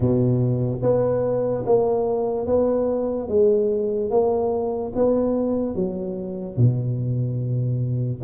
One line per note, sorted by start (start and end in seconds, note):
0.00 0.80 B2
0.82 1.64 B3
1.66 2.46 A#3
2.46 3.28 B3
3.28 4.10 G#3
4.10 4.92 A#3
4.95 5.75 B3
5.75 6.56 F#3
6.56 8.21 B2